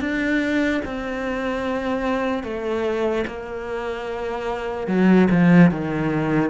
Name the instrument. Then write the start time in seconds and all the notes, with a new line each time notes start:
cello
0.00 D4
0.85 C4
2.43 A3
3.27 A#3
4.87 F#3
5.31 F3
5.71 D#3